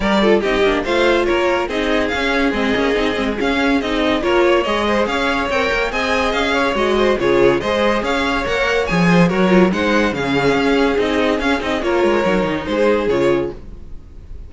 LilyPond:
<<
  \new Staff \with { instrumentName = "violin" } { \time 4/4 \tempo 4 = 142 d''4 dis''4 f''4 cis''4 | dis''4 f''4 dis''2 | f''4 dis''4 cis''4 dis''4 | f''4 g''4 gis''4 f''4 |
dis''4 cis''4 dis''4 f''4 | fis''4 gis''4 cis''4 fis''4 | f''2 dis''4 f''8 dis''8 | cis''2 c''4 cis''4 | }
  \new Staff \with { instrumentName = "violin" } { \time 4/4 ais'8 a'8 g'4 c''4 ais'4 | gis'1~ | gis'2 ais'8 cis''4 c''8 | cis''2 dis''4. cis''8~ |
cis''8 c''8 gis'4 c''4 cis''4~ | cis''4. c''8 ais'4 c''4 | gis'1 | ais'2 gis'2 | }
  \new Staff \with { instrumentName = "viola" } { \time 4/4 g'8 f'8 dis'8 d'8 f'2 | dis'4 cis'4 c'8 cis'8 dis'8 c'8 | cis'4 dis'4 f'4 gis'4~ | gis'4 ais'4 gis'2 |
fis'4 f'4 gis'2 | ais'4 gis'4 fis'8 f'8 dis'4 | cis'2 dis'4 cis'8 dis'8 | f'4 dis'2 f'4 | }
  \new Staff \with { instrumentName = "cello" } { \time 4/4 g4 c'8 ais8 a4 ais4 | c'4 cis'4 gis8 ais8 c'8 gis8 | cis'4 c'4 ais4 gis4 | cis'4 c'8 ais8 c'4 cis'4 |
gis4 cis4 gis4 cis'4 | ais4 f4 fis4 gis4 | cis4 cis'4 c'4 cis'8 c'8 | ais8 gis8 fis8 dis8 gis4 cis4 | }
>>